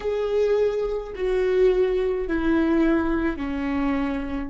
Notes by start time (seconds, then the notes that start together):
0.00 G#4
1.15 F#4
2.27 E4
3.37 C#4